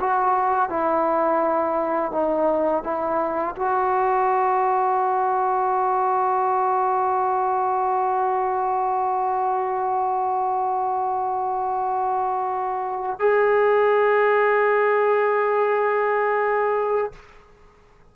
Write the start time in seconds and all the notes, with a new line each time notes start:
0.00 F#4
0.69 E4
2.12 D#4
2.83 E4
3.56 F#4
13.19 G#4